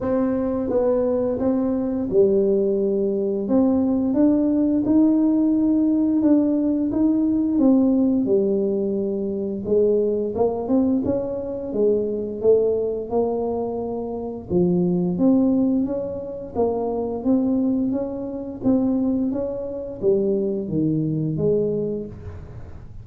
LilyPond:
\new Staff \with { instrumentName = "tuba" } { \time 4/4 \tempo 4 = 87 c'4 b4 c'4 g4~ | g4 c'4 d'4 dis'4~ | dis'4 d'4 dis'4 c'4 | g2 gis4 ais8 c'8 |
cis'4 gis4 a4 ais4~ | ais4 f4 c'4 cis'4 | ais4 c'4 cis'4 c'4 | cis'4 g4 dis4 gis4 | }